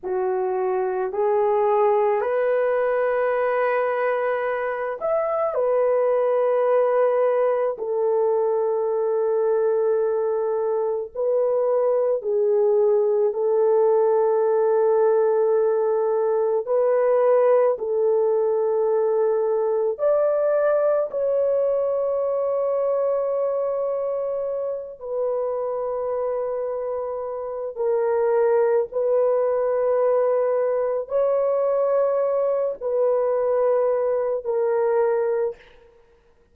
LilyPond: \new Staff \with { instrumentName = "horn" } { \time 4/4 \tempo 4 = 54 fis'4 gis'4 b'2~ | b'8 e''8 b'2 a'4~ | a'2 b'4 gis'4 | a'2. b'4 |
a'2 d''4 cis''4~ | cis''2~ cis''8 b'4.~ | b'4 ais'4 b'2 | cis''4. b'4. ais'4 | }